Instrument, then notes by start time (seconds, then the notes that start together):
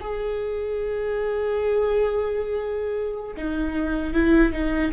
viola
0.00 G#4
3.36 D#4
4.14 E4
4.52 D#4